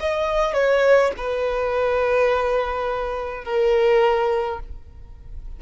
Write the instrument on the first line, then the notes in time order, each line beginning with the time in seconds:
violin
0.00 D#5
0.53 C#5
1.17 B4
3.44 A#4